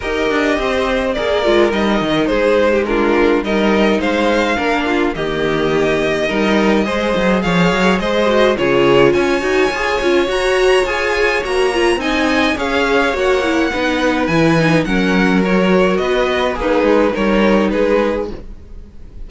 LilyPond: <<
  \new Staff \with { instrumentName = "violin" } { \time 4/4 \tempo 4 = 105 dis''2 d''4 dis''4 | c''4 ais'4 dis''4 f''4~ | f''4 dis''2.~ | dis''4 f''4 dis''4 cis''4 |
gis''2 ais''4 gis''4 | ais''4 gis''4 f''4 fis''4~ | fis''4 gis''4 fis''4 cis''4 | dis''4 b'4 cis''4 b'4 | }
  \new Staff \with { instrumentName = "violin" } { \time 4/4 ais'4 c''4 ais'2 | gis'8. g'16 f'4 ais'4 c''4 | ais'8 f'8 g'2 ais'4 | c''4 cis''4 c''4 gis'4 |
cis''1~ | cis''4 dis''4 cis''2 | b'2 ais'2 | b'4 dis'4 ais'4 gis'4 | }
  \new Staff \with { instrumentName = "viola" } { \time 4/4 g'2 gis'8 f'8 dis'4~ | dis'4 d'4 dis'2 | d'4 ais2 dis'4 | gis'2~ gis'8 fis'8 f'4~ |
f'8 fis'8 gis'8 f'8 fis'4 gis'4 | fis'8 f'8 dis'4 gis'4 fis'8 e'8 | dis'4 e'8 dis'8 cis'4 fis'4~ | fis'4 gis'4 dis'2 | }
  \new Staff \with { instrumentName = "cello" } { \time 4/4 dis'8 d'8 c'4 ais8 gis8 g8 dis8 | gis2 g4 gis4 | ais4 dis2 g4 | gis8 fis8 f8 fis8 gis4 cis4 |
cis'8 dis'8 f'8 cis'8 fis'4 f'4 | ais4 c'4 cis'4 ais4 | b4 e4 fis2 | b4 ais8 gis8 g4 gis4 | }
>>